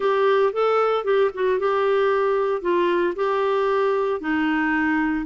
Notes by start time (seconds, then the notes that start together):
0.00 G4
0.52 A4
1.04 G4
1.34 F#4
1.59 G4
2.61 F4
3.15 G4
4.20 D#4